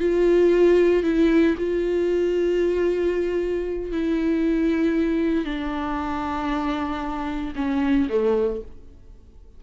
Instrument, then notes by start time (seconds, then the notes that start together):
viola
0.00 F4
1.04 E4
1.58 F4
3.92 E4
5.45 D4
7.56 C#4
8.10 A3